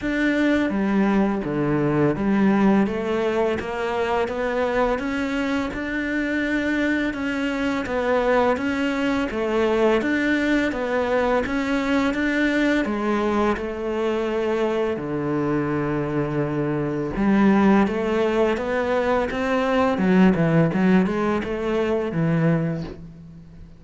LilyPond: \new Staff \with { instrumentName = "cello" } { \time 4/4 \tempo 4 = 84 d'4 g4 d4 g4 | a4 ais4 b4 cis'4 | d'2 cis'4 b4 | cis'4 a4 d'4 b4 |
cis'4 d'4 gis4 a4~ | a4 d2. | g4 a4 b4 c'4 | fis8 e8 fis8 gis8 a4 e4 | }